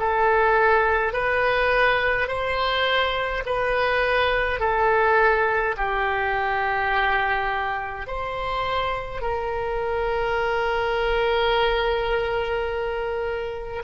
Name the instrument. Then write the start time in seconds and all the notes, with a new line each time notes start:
oboe
0.00 A4
1.13 B4
2.28 C5
3.46 B4
4.60 A4
5.77 G4
8.07 C5
9.22 A#4